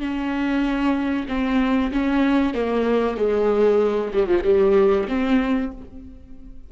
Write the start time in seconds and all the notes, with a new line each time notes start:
0.00 C#4
1.28 C4
1.92 C#4
2.54 A#3
3.17 G#3
4.13 G3
4.26 F3
4.44 G3
5.08 C4